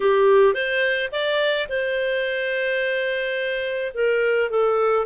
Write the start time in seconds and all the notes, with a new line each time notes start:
0.00 G4
0.54 C5
1.11 D5
1.68 C5
3.94 A#4
4.50 A4